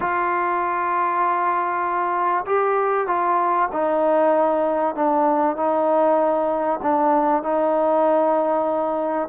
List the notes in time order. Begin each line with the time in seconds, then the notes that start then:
0.00 F4
2.45 G4
3.07 F4
3.72 D#4
4.95 D4
5.56 D#4
6.82 D4
7.42 D#4